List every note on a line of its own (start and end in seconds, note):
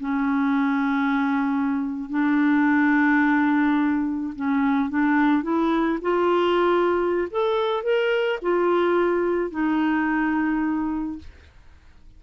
0.00 2.10 C#4
2.10 4.34 D4
4.36 4.89 C#4
4.89 5.43 D4
5.43 5.99 E4
6.02 7.28 F4
7.30 7.83 A4
7.83 8.39 A#4
8.42 9.50 F4
9.50 11.18 D#4